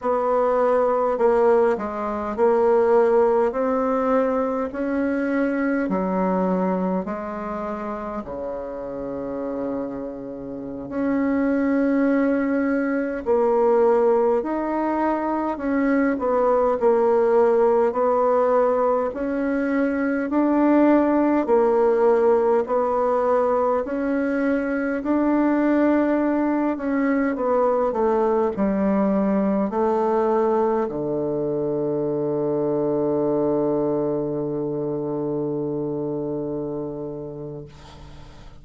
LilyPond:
\new Staff \with { instrumentName = "bassoon" } { \time 4/4 \tempo 4 = 51 b4 ais8 gis8 ais4 c'4 | cis'4 fis4 gis4 cis4~ | cis4~ cis16 cis'2 ais8.~ | ais16 dis'4 cis'8 b8 ais4 b8.~ |
b16 cis'4 d'4 ais4 b8.~ | b16 cis'4 d'4. cis'8 b8 a16~ | a16 g4 a4 d4.~ d16~ | d1 | }